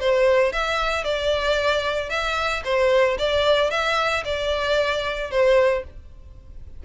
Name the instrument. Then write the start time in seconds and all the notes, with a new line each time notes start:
violin
0.00 C5
0.53 E5
1.04 D5
2.09 E5
2.65 C5
3.19 D5
3.71 E5
4.25 D5
5.31 C5